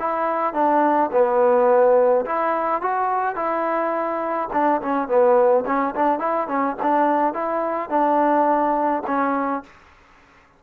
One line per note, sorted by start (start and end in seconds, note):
0.00 0.54 E4
0.54 1.11 D4
1.12 2.26 B3
2.26 2.82 E4
2.82 3.36 F#4
3.36 4.49 E4
4.53 4.82 D4
4.82 5.08 C#4
5.08 5.65 B3
5.67 5.95 C#4
5.96 6.20 D4
6.20 6.48 E4
6.48 6.76 C#4
6.83 7.34 D4
7.34 7.90 E4
7.90 9.03 D4
9.07 9.64 C#4